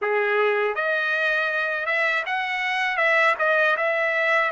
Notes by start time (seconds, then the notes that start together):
0.01 G#4
0.75 D#5
1.86 E5
2.26 F#5
2.97 E5
3.39 D#5
3.77 E5